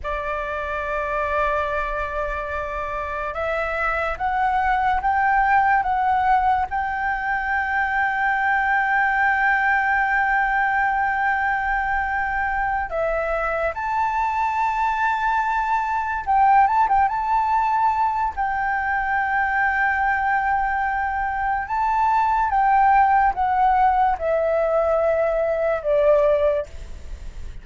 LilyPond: \new Staff \with { instrumentName = "flute" } { \time 4/4 \tempo 4 = 72 d''1 | e''4 fis''4 g''4 fis''4 | g''1~ | g''2.~ g''8 e''8~ |
e''8 a''2. g''8 | a''16 g''16 a''4. g''2~ | g''2 a''4 g''4 | fis''4 e''2 d''4 | }